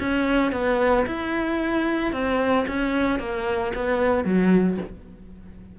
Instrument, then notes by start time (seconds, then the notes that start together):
cello
0.00 C#4
0.53 B3
1.07 E4
2.13 C4
2.68 C#4
3.20 A#3
3.75 B3
4.25 F#3